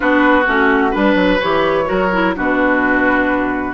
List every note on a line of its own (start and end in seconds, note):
0.00 0.47 B3
0.00 0.43 D4
0.00 0.90 F#4
0.00 0.45 B4
0.46 0.94 A3
0.46 0.92 C#4
0.46 0.94 F#4
0.90 1.15 G3
0.90 1.38 D4
0.90 1.84 B4
0.90 1.40 B4
1.15 1.38 F#3
1.40 1.89 E3
1.40 1.85 G4
1.40 2.34 C#5
1.85 2.36 F#3
1.85 2.08 F#4
1.85 2.34 A#4
2.12 2.35 E4
2.35 3.73 B2
2.35 3.73 D4
2.35 3.73 F#4
2.35 3.73 B4